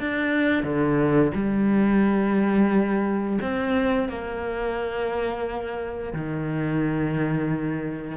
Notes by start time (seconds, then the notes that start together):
0.00 D4
0.64 D3
1.35 G3
3.42 C4
4.09 A#3
6.13 D#3